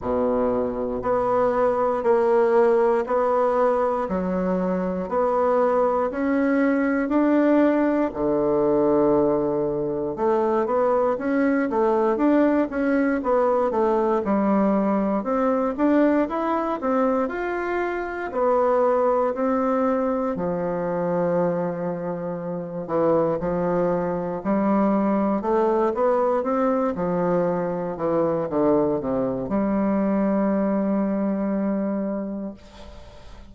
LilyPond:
\new Staff \with { instrumentName = "bassoon" } { \time 4/4 \tempo 4 = 59 b,4 b4 ais4 b4 | fis4 b4 cis'4 d'4 | d2 a8 b8 cis'8 a8 | d'8 cis'8 b8 a8 g4 c'8 d'8 |
e'8 c'8 f'4 b4 c'4 | f2~ f8 e8 f4 | g4 a8 b8 c'8 f4 e8 | d8 c8 g2. | }